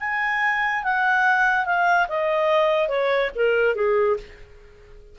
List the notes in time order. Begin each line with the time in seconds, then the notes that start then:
0.00 G#5
0.83 F#5
1.65 F5
2.08 D#5
2.88 C#5
3.35 A#4
3.75 G#4